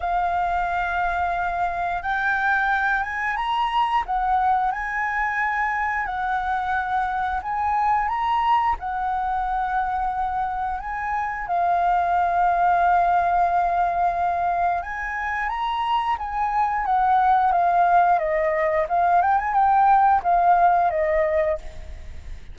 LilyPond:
\new Staff \with { instrumentName = "flute" } { \time 4/4 \tempo 4 = 89 f''2. g''4~ | g''8 gis''8 ais''4 fis''4 gis''4~ | gis''4 fis''2 gis''4 | ais''4 fis''2. |
gis''4 f''2.~ | f''2 gis''4 ais''4 | gis''4 fis''4 f''4 dis''4 | f''8 g''16 gis''16 g''4 f''4 dis''4 | }